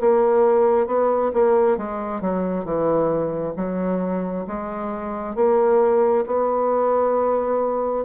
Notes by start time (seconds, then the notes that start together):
0.00 A#3
0.86 B3
1.33 A#3
1.77 G#3
2.21 F#3
2.64 E3
3.56 F#3
4.47 G#3
5.35 A#3
6.26 B3